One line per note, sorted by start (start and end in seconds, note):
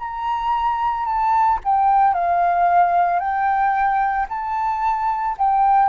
0.00 1.06 A#5
1.06 1.60 A5
1.65 2.14 G5
2.14 3.19 F5
3.19 4.27 G5
4.30 5.37 A5
5.38 5.89 G5